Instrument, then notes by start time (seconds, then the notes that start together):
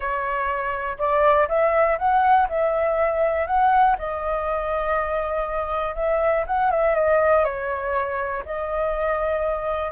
flute
0.00 C#5
0.98 D5
1.48 E5
1.98 F#5
2.49 E5
3.46 F#5
3.98 D#5
5.95 E5
6.46 F#5
6.70 E5
6.94 D#5
7.44 C#5
8.45 D#5